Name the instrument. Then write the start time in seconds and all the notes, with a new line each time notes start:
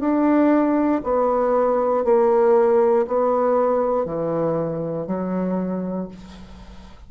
bassoon
0.00 D4
1.04 B3
2.04 A#3
3.07 B3
4.05 E3
5.07 F#3